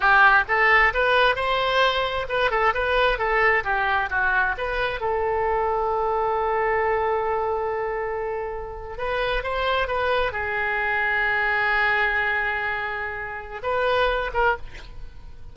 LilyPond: \new Staff \with { instrumentName = "oboe" } { \time 4/4 \tempo 4 = 132 g'4 a'4 b'4 c''4~ | c''4 b'8 a'8 b'4 a'4 | g'4 fis'4 b'4 a'4~ | a'1~ |
a'2.~ a'8. b'16~ | b'8. c''4 b'4 gis'4~ gis'16~ | gis'1~ | gis'2 b'4. ais'8 | }